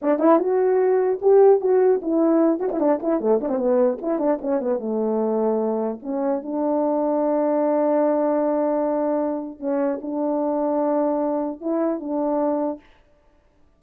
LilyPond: \new Staff \with { instrumentName = "horn" } { \time 4/4 \tempo 4 = 150 d'8 e'8 fis'2 g'4 | fis'4 e'4. fis'16 e'16 d'8 e'8 | a8 d'16 c'16 b4 e'8 d'8 cis'8 b8 | a2. cis'4 |
d'1~ | d'1 | cis'4 d'2.~ | d'4 e'4 d'2 | }